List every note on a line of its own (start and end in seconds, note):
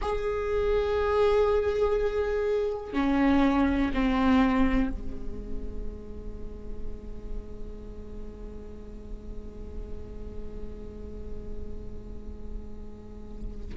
0.01 2.93 G#4
2.93 3.91 C#4
3.93 4.90 C4
4.90 13.75 G#3